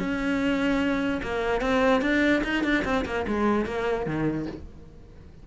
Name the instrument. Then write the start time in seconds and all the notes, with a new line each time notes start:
cello
0.00 C#4
1.23 A#3
1.61 C4
2.02 D4
2.44 D#4
2.64 D4
2.85 C4
3.06 A#3
3.28 G#3
3.66 A#3
4.07 D#3